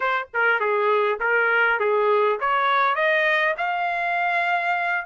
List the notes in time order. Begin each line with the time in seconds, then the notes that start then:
0.00 C5
0.33 A#4
0.59 G#4
1.20 A#4
1.79 G#4
2.40 C#5
2.95 D#5
3.57 F5